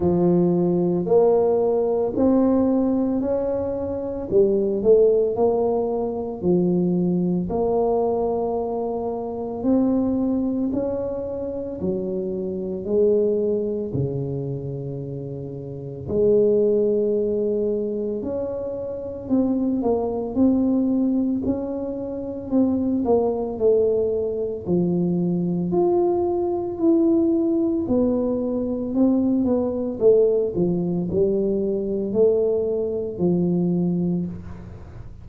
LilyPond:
\new Staff \with { instrumentName = "tuba" } { \time 4/4 \tempo 4 = 56 f4 ais4 c'4 cis'4 | g8 a8 ais4 f4 ais4~ | ais4 c'4 cis'4 fis4 | gis4 cis2 gis4~ |
gis4 cis'4 c'8 ais8 c'4 | cis'4 c'8 ais8 a4 f4 | f'4 e'4 b4 c'8 b8 | a8 f8 g4 a4 f4 | }